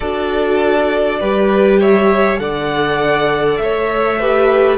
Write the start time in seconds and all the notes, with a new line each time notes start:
0.00 D4 F#4 A4 D5
1.20 G3 G4 B4
1.79 C#5 E5
2.36 D3 A4 D5 F#5
3.57 A3 C#5 E5
4.19 G4 B4